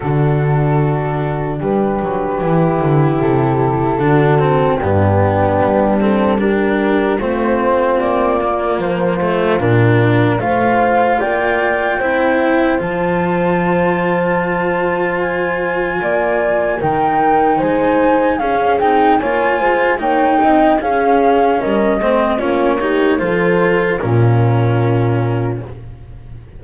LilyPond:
<<
  \new Staff \with { instrumentName = "flute" } { \time 4/4 \tempo 4 = 75 a'2 b'2 | a'2 g'4. a'8 | ais'4 c''4 d''4 c''4 | ais'4 f''4 g''2 |
a''2. gis''4~ | gis''4 g''4 gis''4 f''8 g''8 | gis''4 g''4 f''4 dis''4 | cis''4 c''4 ais'2 | }
  \new Staff \with { instrumentName = "horn" } { \time 4/4 fis'2 g'2~ | g'4 fis'4 d'2 | g'4 f'2.~ | f'4 c''4 d''4 c''4~ |
c''1 | d''4 ais'4 c''4 gis'4 | cis''8 c''8 cis''8 dis''8 gis'4 ais'8 c''8 | f'8 g'8 a'4 f'2 | }
  \new Staff \with { instrumentName = "cello" } { \time 4/4 d'2. e'4~ | e'4 d'8 c'8 b4. c'8 | d'4 c'4. ais4 a8 | d'4 f'2 e'4 |
f'1~ | f'4 dis'2 cis'8 dis'8 | f'4 dis'4 cis'4. c'8 | cis'8 dis'8 f'4 cis'2 | }
  \new Staff \with { instrumentName = "double bass" } { \time 4/4 d2 g8 fis8 e8 d8 | c4 d4 g,4 g4~ | g4 a4 ais4 f4 | ais,4 a4 ais4 c'4 |
f1 | ais4 dis4 gis4 cis'8 c'8 | ais8 gis8 ais8 c'8 cis'4 g8 a8 | ais4 f4 ais,2 | }
>>